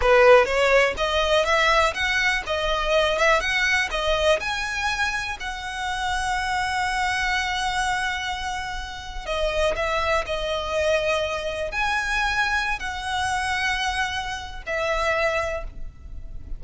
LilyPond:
\new Staff \with { instrumentName = "violin" } { \time 4/4 \tempo 4 = 123 b'4 cis''4 dis''4 e''4 | fis''4 dis''4. e''8 fis''4 | dis''4 gis''2 fis''4~ | fis''1~ |
fis''2. dis''4 | e''4 dis''2. | gis''2~ gis''16 fis''4.~ fis''16~ | fis''2 e''2 | }